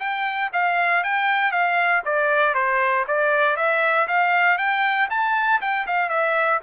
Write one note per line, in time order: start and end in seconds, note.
0.00 0.51 G5
0.53 1.04 F5
1.04 1.52 G5
1.52 2.03 F5
2.06 2.55 D5
2.55 3.06 C5
3.08 3.57 D5
3.57 4.07 E5
4.08 4.58 F5
4.58 5.09 G5
5.10 5.61 A5
5.61 5.87 G5
5.87 6.10 F5
6.10 6.61 E5